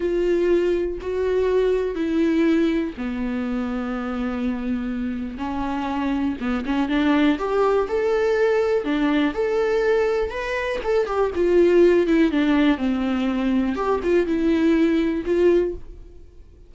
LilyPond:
\new Staff \with { instrumentName = "viola" } { \time 4/4 \tempo 4 = 122 f'2 fis'2 | e'2 b2~ | b2. cis'4~ | cis'4 b8 cis'8 d'4 g'4 |
a'2 d'4 a'4~ | a'4 b'4 a'8 g'8 f'4~ | f'8 e'8 d'4 c'2 | g'8 f'8 e'2 f'4 | }